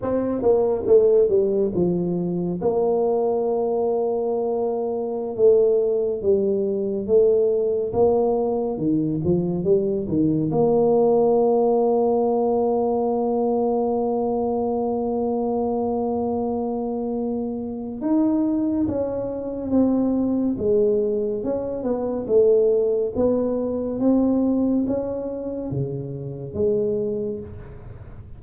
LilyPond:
\new Staff \with { instrumentName = "tuba" } { \time 4/4 \tempo 4 = 70 c'8 ais8 a8 g8 f4 ais4~ | ais2~ ais16 a4 g8.~ | g16 a4 ais4 dis8 f8 g8 dis16~ | dis16 ais2.~ ais8.~ |
ais1~ | ais4 dis'4 cis'4 c'4 | gis4 cis'8 b8 a4 b4 | c'4 cis'4 cis4 gis4 | }